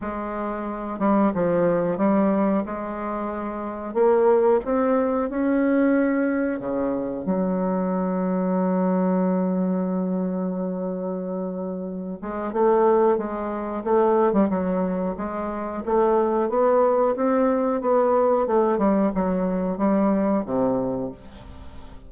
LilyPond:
\new Staff \with { instrumentName = "bassoon" } { \time 4/4 \tempo 4 = 91 gis4. g8 f4 g4 | gis2 ais4 c'4 | cis'2 cis4 fis4~ | fis1~ |
fis2~ fis8 gis8 a4 | gis4 a8. g16 fis4 gis4 | a4 b4 c'4 b4 | a8 g8 fis4 g4 c4 | }